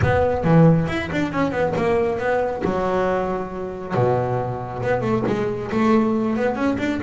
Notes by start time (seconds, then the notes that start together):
0.02 B3
0.44 E3
0.87 E4
1.11 D4
1.31 C#4
1.51 B3
1.76 A#3
2.18 B3
2.64 F#3
3.94 B2
4.82 B3
5.01 A3
5.27 G#3
5.71 A3
6.36 B3
6.55 C#4
6.78 D4